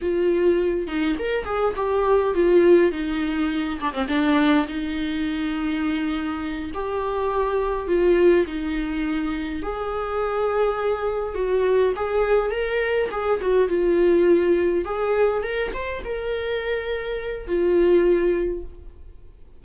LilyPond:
\new Staff \with { instrumentName = "viola" } { \time 4/4 \tempo 4 = 103 f'4. dis'8 ais'8 gis'8 g'4 | f'4 dis'4. d'16 c'16 d'4 | dis'2.~ dis'8 g'8~ | g'4. f'4 dis'4.~ |
dis'8 gis'2. fis'8~ | fis'8 gis'4 ais'4 gis'8 fis'8 f'8~ | f'4. gis'4 ais'8 c''8 ais'8~ | ais'2 f'2 | }